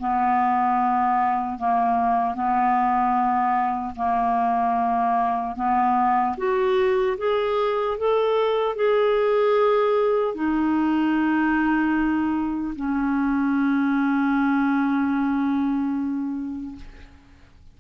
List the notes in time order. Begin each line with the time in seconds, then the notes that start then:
0.00 B3
1.59 A#3
2.35 B3
3.96 A#3
5.56 B3
6.37 F#4
7.18 G#4
7.98 A4
8.76 G#4
10.35 D#4
12.76 C#4